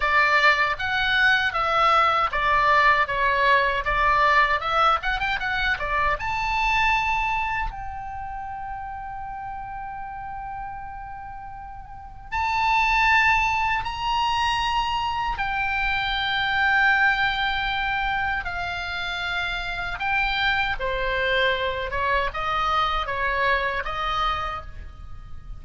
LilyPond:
\new Staff \with { instrumentName = "oboe" } { \time 4/4 \tempo 4 = 78 d''4 fis''4 e''4 d''4 | cis''4 d''4 e''8 fis''16 g''16 fis''8 d''8 | a''2 g''2~ | g''1 |
a''2 ais''2 | g''1 | f''2 g''4 c''4~ | c''8 cis''8 dis''4 cis''4 dis''4 | }